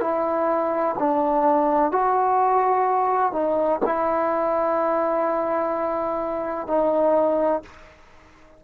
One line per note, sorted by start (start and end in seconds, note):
0.00 0.95 E4
0.99 1.91 D4
1.91 3.32 F#4
3.32 3.80 D#4
3.85 6.67 E4
6.67 7.62 D#4